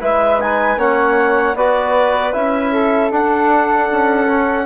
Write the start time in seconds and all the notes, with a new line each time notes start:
0.00 G#3 E4 B4 E5
0.41 D#4 G#5
0.77 A#3 C#4 C#5 F#5
1.54 B3 F#4 B4 D5
2.32 C#4 E4 E5
2.71 A4
3.10 D4 F#5
3.91 C#4
4.28 C#4